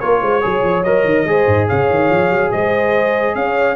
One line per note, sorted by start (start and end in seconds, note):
0.00 0.22 A#3
0.00 0.42 F4
0.00 0.21 A#4
0.00 0.83 C#5
0.22 0.43 G#3
0.22 0.42 C5
0.42 0.63 F#3
0.42 0.83 G#4
0.42 1.26 C#5
0.63 0.84 F3
0.83 1.05 F#3
0.83 1.27 A#4
0.83 1.67 D#5
1.05 1.25 D#3
1.25 1.46 G#3
1.25 3.76 G#4
1.25 1.67 C5
1.47 1.68 G#2
1.67 1.90 C#3
1.67 2.51 C#5
1.67 2.52 F5
1.90 2.10 D#3
2.10 2.30 F3
2.30 2.51 F#3
2.52 3.35 G#3
2.52 3.36 C5
2.52 3.35 D#5
3.35 3.76 C#4
3.35 3.76 C#5
3.35 3.76 F5